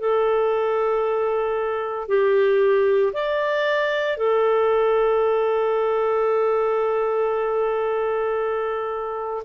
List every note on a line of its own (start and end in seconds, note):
0.00 2.09 A4
2.09 3.13 G4
3.13 4.17 D5
4.17 9.44 A4